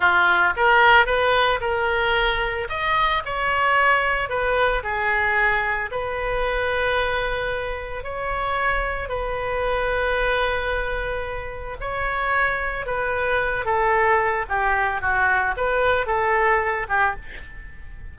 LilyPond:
\new Staff \with { instrumentName = "oboe" } { \time 4/4 \tempo 4 = 112 f'4 ais'4 b'4 ais'4~ | ais'4 dis''4 cis''2 | b'4 gis'2 b'4~ | b'2. cis''4~ |
cis''4 b'2.~ | b'2 cis''2 | b'4. a'4. g'4 | fis'4 b'4 a'4. g'8 | }